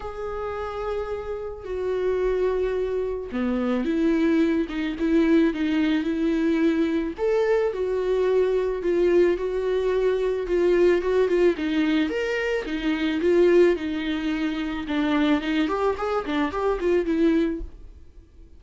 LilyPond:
\new Staff \with { instrumentName = "viola" } { \time 4/4 \tempo 4 = 109 gis'2. fis'4~ | fis'2 b4 e'4~ | e'8 dis'8 e'4 dis'4 e'4~ | e'4 a'4 fis'2 |
f'4 fis'2 f'4 | fis'8 f'8 dis'4 ais'4 dis'4 | f'4 dis'2 d'4 | dis'8 g'8 gis'8 d'8 g'8 f'8 e'4 | }